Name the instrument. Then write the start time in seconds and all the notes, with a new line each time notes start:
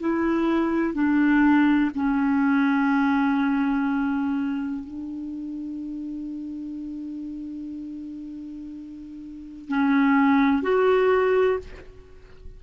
clarinet
0.00 E4
0.94 D4
1.95 C#4
4.85 D4
9.68 C#4
10.63 F#4